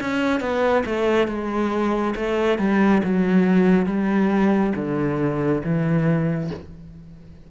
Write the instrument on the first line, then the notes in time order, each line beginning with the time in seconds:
cello
0.00 C#4
0.40 B3
0.85 A3
1.27 G#3
2.15 A3
2.58 G3
3.03 F#3
3.86 G3
4.75 D3
5.63 E3